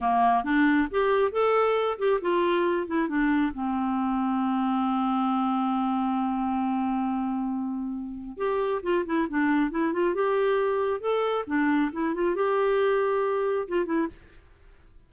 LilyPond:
\new Staff \with { instrumentName = "clarinet" } { \time 4/4 \tempo 4 = 136 ais4 d'4 g'4 a'4~ | a'8 g'8 f'4. e'8 d'4 | c'1~ | c'1~ |
c'2. g'4 | f'8 e'8 d'4 e'8 f'8 g'4~ | g'4 a'4 d'4 e'8 f'8 | g'2. f'8 e'8 | }